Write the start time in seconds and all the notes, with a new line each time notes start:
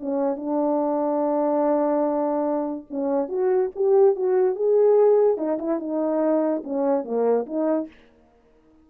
0.00 C#4
0.36 D4
2.90 C#4
3.28 F#4
3.75 G4
4.16 F#4
4.55 G#4
5.37 D#4
5.59 E4
5.79 D#4
6.64 C#4
7.04 A#3
7.46 D#4